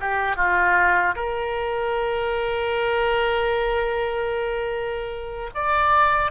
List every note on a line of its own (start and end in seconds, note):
0.00 0.36 G4
0.36 1.15 F4
1.16 5.50 A#4
5.54 6.31 D5